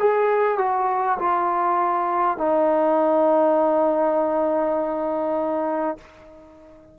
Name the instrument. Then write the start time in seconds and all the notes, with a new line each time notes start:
trombone
0.00 G#4
0.58 F#4
1.19 F4
2.38 D#4